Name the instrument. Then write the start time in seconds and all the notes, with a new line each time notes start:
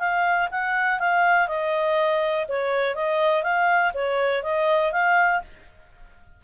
clarinet
0.00 F5
0.51 F#5
1.00 F5
1.48 D#5
2.49 C#5
2.96 D#5
3.44 F5
3.94 C#5
4.44 D#5
4.93 F5